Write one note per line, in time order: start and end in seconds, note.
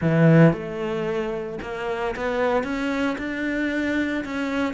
0.01 0.52 E3
0.52 1.58 A3
1.62 2.15 A#3
2.16 2.63 B3
2.63 3.16 C#4
3.18 4.24 D4
4.25 4.73 C#4